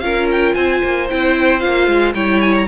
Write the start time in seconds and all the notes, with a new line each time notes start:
0.00 C#4 F4 A#4 F5
0.31 G5
0.54 C4 C5 G#5
0.84 A#3
1.10 C4 E4 G5
1.60 A#3 F4 F5
1.87 G#3
2.14 G3 E4 C#5 G5
2.42 G#5
2.56 A#5